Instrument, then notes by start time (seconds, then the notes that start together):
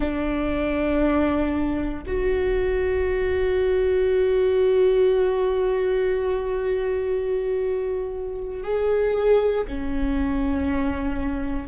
viola
0.00 D4
2.06 F#4
8.63 G#4
9.67 C#4